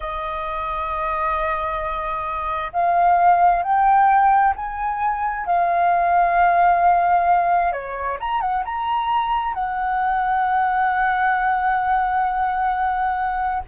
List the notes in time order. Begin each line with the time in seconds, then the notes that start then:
0.00 D#5
2.73 F5
3.62 G5
4.56 G#5
5.45 F5
7.72 C#5
8.20 A#5
8.40 F#5
8.64 A#5
9.54 F#5